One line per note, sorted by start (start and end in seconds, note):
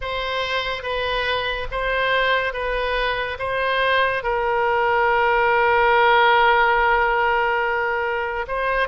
0.01 0.82 C5
0.82 1.67 B4
1.71 2.53 C5
2.53 3.37 B4
3.38 4.23 C5
4.23 8.45 A#4
8.47 8.88 C5